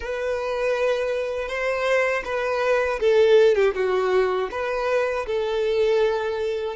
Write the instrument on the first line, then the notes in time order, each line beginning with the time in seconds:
violin
0.00 B4
1.48 C5
2.24 B4
3.00 A4
3.55 G4
3.74 F#4
4.51 B4
5.26 A4